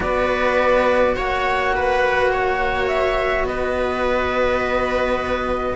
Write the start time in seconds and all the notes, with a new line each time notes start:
0.00 B3 F#4 B4 D5
1.16 A#3 C#5 F#5
1.75 B4
2.32 C#5
2.88 E5
3.43 B3 B4 D#5